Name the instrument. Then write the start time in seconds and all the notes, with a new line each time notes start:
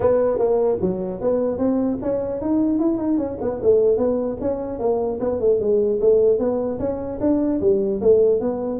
tuba
0.00 B3
0.38 A#3
0.81 F#3
1.20 B3
1.57 C4
2.02 C#4
2.41 D#4
2.79 E4
2.97 D#4
3.17 C#4
3.41 B3
3.62 A3
3.97 B3
4.41 C#4
4.79 A#3
5.20 B3
5.40 A3
5.60 G#3
6.00 A3
6.38 B3
6.79 C#4
7.20 D4
7.60 G3
8.01 A3
8.40 B3